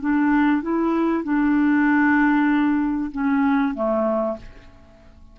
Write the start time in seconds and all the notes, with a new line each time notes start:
0.00 D4
0.62 E4
1.24 D4
3.11 C#4
3.74 A3